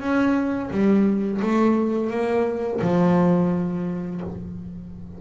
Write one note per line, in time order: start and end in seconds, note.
0.00 0.70 C#4
0.71 1.40 G3
1.41 2.10 A3
2.10 2.80 A#3
2.81 4.21 F3